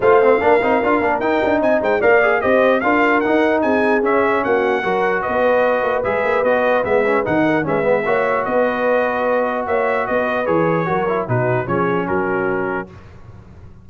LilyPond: <<
  \new Staff \with { instrumentName = "trumpet" } { \time 4/4 \tempo 4 = 149 f''2. g''4 | gis''8 g''8 f''4 dis''4 f''4 | fis''4 gis''4 e''4 fis''4~ | fis''4 dis''2 e''4 |
dis''4 e''4 fis''4 e''4~ | e''4 dis''2. | e''4 dis''4 cis''2 | b'4 cis''4 ais'2 | }
  \new Staff \with { instrumentName = "horn" } { \time 4/4 c''4 ais'2. | dis''8 c''8 d''4 c''4 ais'4~ | ais'4 gis'2 fis'4 | ais'4 b'2.~ |
b'2~ b'8 ais'8 b'4 | cis''4 b'2. | cis''4 b'2 ais'4 | fis'4 gis'4 fis'2 | }
  \new Staff \with { instrumentName = "trombone" } { \time 4/4 f'8 c'8 d'8 dis'8 f'8 d'8 dis'4~ | dis'4 ais'8 gis'8 g'4 f'4 | dis'2 cis'2 | fis'2. gis'4 |
fis'4 b8 cis'8 dis'4 cis'8 b8 | fis'1~ | fis'2 gis'4 fis'8 e'8 | dis'4 cis'2. | }
  \new Staff \with { instrumentName = "tuba" } { \time 4/4 a4 ais8 c'8 d'8 ais8 dis'8 d'8 | c'8 gis8 ais4 c'4 d'4 | dis'4 c'4 cis'4 ais4 | fis4 b4. ais8 gis8 ais8 |
b4 gis4 dis4 gis4 | ais4 b2. | ais4 b4 e4 fis4 | b,4 f4 fis2 | }
>>